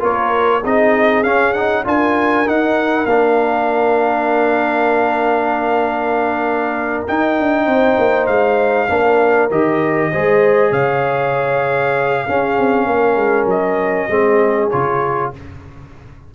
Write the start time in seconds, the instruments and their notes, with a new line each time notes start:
0.00 tuba A#3, trombone F4, horn A#4, trumpet C#5
0.61 tuba C4, trombone D#4, horn G#4, trumpet D#5
1.24 tuba C#4, trombone C#4, trumpet F5
1.54 trombone D#4, trumpet F#5
1.85 tuba D4, trombone F4, horn A#4, trumpet G#5
2.46 trombone D#4, tuba D#4, trumpet F#5
3.06 tuba A#3, trombone D4, trumpet F5
7.08 trombone D#4, tuba D#4, trumpet G5
7.40 tuba D4
7.65 tuba C4, horn C5
7.98 tuba A#3
8.27 tuba G#3, trumpet F5
8.89 tuba A#3, trombone D4, horn A#4
9.51 tuba D#3, trombone G4, trumpet D#5
10.13 tuba G#3, trombone G#4, horn C5
10.72 tuba C#3, horn C#5, trumpet F5
12.28 trombone C#4, tuba C#4, horn G#4
12.59 tuba C4
12.87 tuba A#3, horn A#4
13.17 tuba G#3
13.46 tuba F#3, trumpet D#5
14.10 tuba G#3, trombone C4, horn G#4
14.70 tuba C#3, trombone F4, trumpet C#5